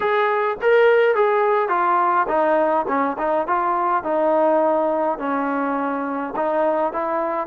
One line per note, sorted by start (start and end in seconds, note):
0.00 0.57 G#4
0.61 1.15 A#4
1.15 1.69 G#4
1.69 2.26 F4
2.28 2.86 D#4
2.88 3.17 C#4
3.18 3.47 D#4
3.47 4.03 F4
4.03 5.18 D#4
5.18 6.33 C#4
6.36 6.92 D#4
6.92 7.47 E4